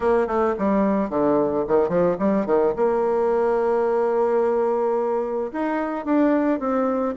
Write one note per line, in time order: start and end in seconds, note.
0.00 0.27 A#3
0.27 0.55 A3
0.58 1.09 G3
1.09 1.64 D3
1.67 1.89 D#3
1.89 2.16 F3
2.18 2.46 G3
2.46 2.73 D#3
2.76 5.51 A#3
5.52 6.05 D#4
6.05 6.59 D4
6.59 7.14 C4